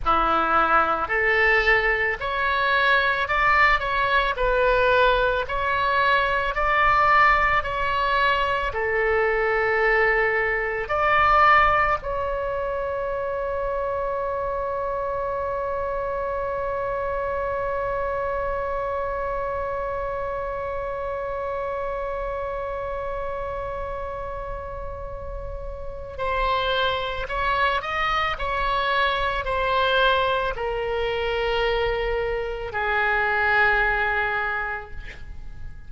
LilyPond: \new Staff \with { instrumentName = "oboe" } { \time 4/4 \tempo 4 = 55 e'4 a'4 cis''4 d''8 cis''8 | b'4 cis''4 d''4 cis''4 | a'2 d''4 cis''4~ | cis''1~ |
cis''1~ | cis''1 | c''4 cis''8 dis''8 cis''4 c''4 | ais'2 gis'2 | }